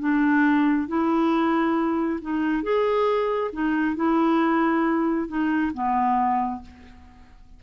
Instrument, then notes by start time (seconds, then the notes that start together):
clarinet
0.00 D4
0.88 E4
2.22 D#4
2.63 G#4
3.53 D#4
3.96 E4
5.28 D#4
5.74 B3